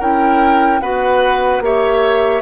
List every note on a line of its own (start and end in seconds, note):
0.00 0.81 C#4
0.00 0.82 E4
0.00 0.81 A#4
0.00 0.81 G5
0.81 1.61 B3
0.81 1.63 F#4
0.81 1.64 B4
0.81 1.62 F#5
1.61 2.42 A#3
1.61 2.42 G4
1.61 2.42 C#5
1.61 2.42 E5